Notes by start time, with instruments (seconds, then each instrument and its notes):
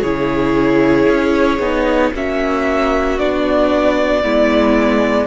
0.00 cello C#3, viola E4, violin G#4 C#5
1.08 cello C#4
1.58 cello B3, viola D#4
2.13 cello A#3, viola C#4, violin F#4 E5
3.18 cello B3, viola D4, violin D5
4.22 cello G#3, viola B3, violin E4